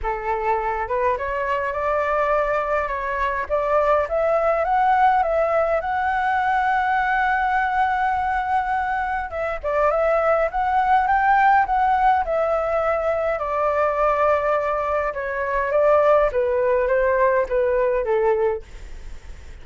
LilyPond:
\new Staff \with { instrumentName = "flute" } { \time 4/4 \tempo 4 = 103 a'4. b'8 cis''4 d''4~ | d''4 cis''4 d''4 e''4 | fis''4 e''4 fis''2~ | fis''1 |
e''8 d''8 e''4 fis''4 g''4 | fis''4 e''2 d''4~ | d''2 cis''4 d''4 | b'4 c''4 b'4 a'4 | }